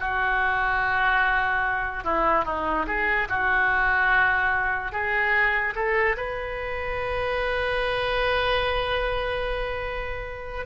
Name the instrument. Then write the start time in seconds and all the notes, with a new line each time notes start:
oboe
0.00 F#4
2.04 E4
2.45 D#4
2.87 G#4
3.29 F#4
4.92 G#4
5.75 A4
6.17 B4